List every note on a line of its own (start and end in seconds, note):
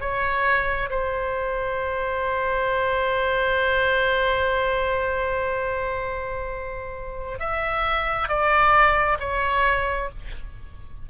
0.00 0.90 C#5
0.90 7.39 C5
7.39 8.28 E5
8.28 9.18 D5
9.20 10.09 C#5